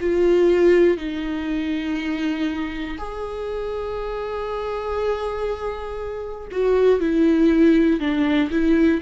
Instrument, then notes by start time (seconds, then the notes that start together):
viola
0.00 F4
0.97 D#4
2.98 G#4
6.51 F#4
7.00 E4
8.00 D4
8.50 E4